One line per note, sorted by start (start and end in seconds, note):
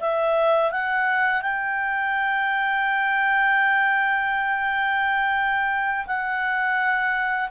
0.00 0.71 E5
0.71 1.42 F#5
1.42 6.06 G5
6.06 7.49 F#5